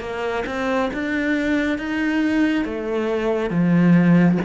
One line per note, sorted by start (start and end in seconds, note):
0.00 0.44 A#3
0.46 0.90 C4
0.93 1.78 D4
1.78 2.65 D#4
2.65 3.50 A3
3.50 4.38 F3